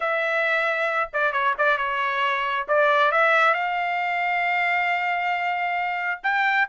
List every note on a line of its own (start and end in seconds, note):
0.00 1.10 E5
1.13 1.32 D5
1.32 1.54 C#5
1.58 1.77 D5
1.77 2.66 C#5
2.68 3.11 D5
3.11 3.54 E5
3.54 6.20 F5
6.23 6.67 G5